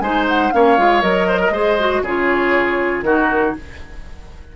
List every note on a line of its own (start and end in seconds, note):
0.00 0.51 G#3
0.00 0.53 D#4
0.00 0.54 C5
0.00 0.25 G#5
0.29 0.53 F#5
0.53 0.78 A#3
0.53 0.78 C#4
0.53 1.28 C#5
0.53 1.02 F5
0.78 1.03 G#3
0.78 1.02 F4
1.02 1.50 F#3
1.02 1.52 A#4
1.02 2.03 D#5
1.28 1.40 C5
1.40 1.53 A#4
1.50 2.01 G#3
1.50 1.80 G#4
1.50 2.03 C5
1.80 2.05 F#4
2.03 3.03 C#3
2.03 3.06 F4
2.03 3.05 G#4
2.03 3.03 C#5
3.03 3.53 D#3
3.03 3.57 D#4
3.03 3.56 F#4
3.03 3.53 A#4